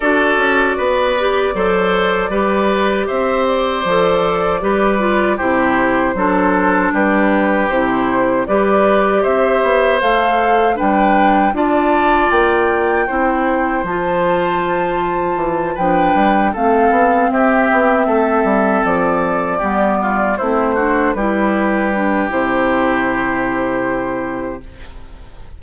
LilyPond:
<<
  \new Staff \with { instrumentName = "flute" } { \time 4/4 \tempo 4 = 78 d''1 | e''8 d''2~ d''8 c''4~ | c''4 b'4 c''4 d''4 | e''4 f''4 g''4 a''4 |
g''2 a''2~ | a''8 g''4 f''4 e''4.~ | e''8 d''2 c''4 b'8~ | b'4 c''2. | }
  \new Staff \with { instrumentName = "oboe" } { \time 4/4 a'4 b'4 c''4 b'4 | c''2 b'4 g'4 | a'4 g'2 b'4 | c''2 b'4 d''4~ |
d''4 c''2.~ | c''8 b'4 a'4 g'4 a'8~ | a'4. g'8 f'8 e'8 fis'8 g'8~ | g'1 | }
  \new Staff \with { instrumentName = "clarinet" } { \time 4/4 fis'4. g'8 a'4 g'4~ | g'4 a'4 g'8 f'8 e'4 | d'2 e'4 g'4~ | g'4 a'4 d'4 f'4~ |
f'4 e'4 f'2~ | f'8 d'4 c'2~ c'8~ | c'4. b4 c'8 d'8 e'8~ | e'8 d'8 e'2. | }
  \new Staff \with { instrumentName = "bassoon" } { \time 4/4 d'8 cis'8 b4 fis4 g4 | c'4 f4 g4 c4 | fis4 g4 c4 g4 | c'8 b8 a4 g4 d'4 |
ais4 c'4 f2 | e8 f8 g8 a8 b8 c'8 b8 a8 | g8 f4 g4 a4 g8~ | g4 c2. | }
>>